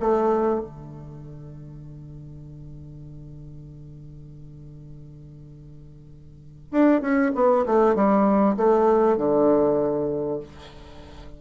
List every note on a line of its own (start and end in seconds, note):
0.00 0.60 A3
0.60 6.71 D3
6.71 7.01 D4
7.01 7.32 C#4
7.35 7.65 B3
7.66 7.95 A3
7.95 8.56 G3
8.57 9.17 A3
9.17 10.39 D3